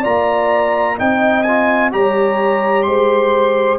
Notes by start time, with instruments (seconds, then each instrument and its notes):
0.00 tuba A#3, trombone F4, horn D5, trumpet A#5
0.97 tuba C4, trombone D#4, horn D#5, trumpet G5
1.43 trombone F4, trumpet G#5
1.91 tuba G3, trombone G4, horn C#5, trumpet A#5
2.83 tuba G#3, horn C5, trumpet C6